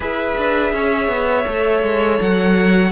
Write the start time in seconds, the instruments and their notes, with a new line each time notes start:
0.00 cello E4, viola G#4, violin B4 E5
0.37 cello D4
0.72 cello C#4, violin C#5
1.08 cello B3
1.46 cello A3, viola A4
1.82 cello G#3
2.20 cello F#3, violin F#5